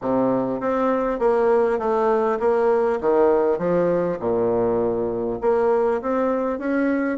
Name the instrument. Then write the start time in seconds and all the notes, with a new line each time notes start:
bassoon
0.01 C3
0.60 C4
1.19 A#3
1.78 A3
2.39 A#3
3.00 D#3
3.58 F3
4.19 A#2
5.41 A#3
6.01 C4
6.58 C#4